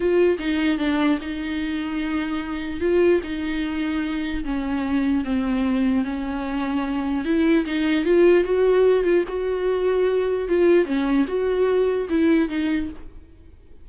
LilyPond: \new Staff \with { instrumentName = "viola" } { \time 4/4 \tempo 4 = 149 f'4 dis'4 d'4 dis'4~ | dis'2. f'4 | dis'2. cis'4~ | cis'4 c'2 cis'4~ |
cis'2 e'4 dis'4 | f'4 fis'4. f'8 fis'4~ | fis'2 f'4 cis'4 | fis'2 e'4 dis'4 | }